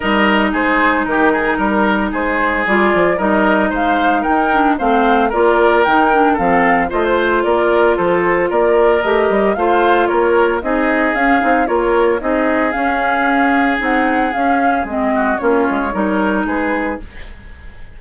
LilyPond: <<
  \new Staff \with { instrumentName = "flute" } { \time 4/4 \tempo 4 = 113 dis''4 c''4 ais'2 | c''4 d''4 dis''4 f''4 | g''4 f''4 d''4 g''4 | f''4 dis''16 c''8. d''4 c''4 |
d''4 dis''4 f''4 cis''4 | dis''4 f''4 cis''4 dis''4 | f''2 fis''4 f''4 | dis''4 cis''2 b'4 | }
  \new Staff \with { instrumentName = "oboe" } { \time 4/4 ais'4 gis'4 g'8 gis'8 ais'4 | gis'2 ais'4 c''4 | ais'4 c''4 ais'2 | a'4 c''4 ais'4 a'4 |
ais'2 c''4 ais'4 | gis'2 ais'4 gis'4~ | gis'1~ | gis'8 fis'8 f'4 ais'4 gis'4 | }
  \new Staff \with { instrumentName = "clarinet" } { \time 4/4 dis'1~ | dis'4 f'4 dis'2~ | dis'8 d'8 c'4 f'4 dis'8 d'8 | c'4 f'2.~ |
f'4 g'4 f'2 | dis'4 cis'8 dis'8 f'4 dis'4 | cis'2 dis'4 cis'4 | c'4 cis'4 dis'2 | }
  \new Staff \with { instrumentName = "bassoon" } { \time 4/4 g4 gis4 dis4 g4 | gis4 g8 f8 g4 gis4 | dis'4 a4 ais4 dis4 | f4 a4 ais4 f4 |
ais4 a8 g8 a4 ais4 | c'4 cis'8 c'8 ais4 c'4 | cis'2 c'4 cis'4 | gis4 ais8 gis8 g4 gis4 | }
>>